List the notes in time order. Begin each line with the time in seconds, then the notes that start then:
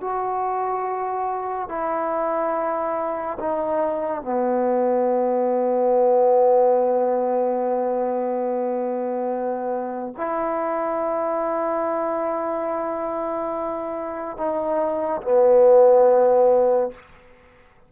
0.00 F#4
1.68 E4
3.39 D#4
4.21 B3
10.17 E4
14.37 D#4
15.22 B3